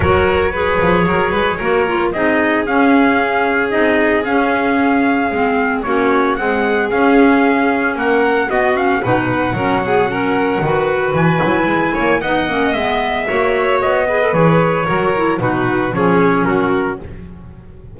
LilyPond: <<
  \new Staff \with { instrumentName = "trumpet" } { \time 4/4 \tempo 4 = 113 cis''1 | dis''4 f''2 dis''4 | f''2. cis''4 | fis''4 f''2 fis''4 |
dis''8 f''8 fis''2.~ | fis''4 gis''2 fis''4 | e''2 dis''4 cis''4~ | cis''4 b'4 cis''4 ais'4 | }
  \new Staff \with { instrumentName = "violin" } { \time 4/4 ais'4 b'4 ais'8 b'8 ais'4 | gis'1~ | gis'2. fis'4 | gis'2. ais'4 |
fis'4 b'4 ais'8 gis'8 ais'4 | b'2~ b'8 cis''8 dis''4~ | dis''4 cis''4. b'4. | ais'4 fis'4 gis'4 fis'4 | }
  \new Staff \with { instrumentName = "clarinet" } { \time 4/4 fis'4 gis'2 fis'8 f'8 | dis'4 cis'2 dis'4 | cis'2 c'4 cis'4 | gis4 cis'2. |
b8 cis'8 dis'4 cis'8 b8 cis'4 | fis'4. e'4. dis'8 cis'8 | b4 fis'4. gis'16 a'16 gis'4 | fis'8 e'8 dis'4 cis'2 | }
  \new Staff \with { instrumentName = "double bass" } { \time 4/4 fis4. f8 fis8 gis8 ais4 | c'4 cis'2 c'4 | cis'2 gis4 ais4 | c'4 cis'2 ais4 |
b4 b,4 fis2 | dis4 e8 fis8 gis8 ais8 b8 ais8 | gis4 ais4 b4 e4 | fis4 b,4 f4 fis4 | }
>>